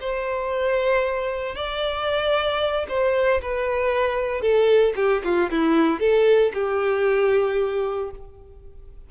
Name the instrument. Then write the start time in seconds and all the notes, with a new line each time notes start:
violin
0.00 C5
1.55 D5
2.88 C5
3.42 B4
4.41 A4
4.96 G4
5.24 F4
5.50 E4
6.00 A4
6.54 G4